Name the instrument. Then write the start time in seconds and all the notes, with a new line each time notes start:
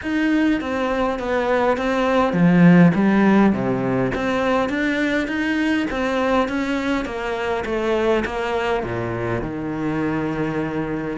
cello
0.02 D#4
0.60 C4
1.19 B3
1.77 C4
2.33 F3
2.94 G3
3.52 C3
4.14 C4
4.69 D4
5.27 D#4
5.90 C4
6.48 C#4
7.05 A#3
7.65 A3
8.25 A#3
8.83 A#2
9.41 D#3